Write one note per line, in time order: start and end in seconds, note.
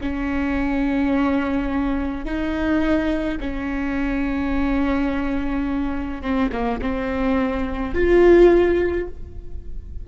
0.00 2.25 C#4
2.25 3.38 D#4
3.40 6.21 C#4
6.21 6.49 C4
6.51 6.80 A#3
6.81 7.94 C4
7.94 9.07 F4